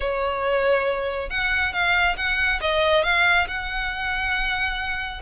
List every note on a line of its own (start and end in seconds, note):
0.00 1.29 C#5
1.29 1.72 F#5
1.72 2.16 F5
2.16 2.60 F#5
2.60 3.03 D#5
3.03 3.47 F5
3.47 5.21 F#5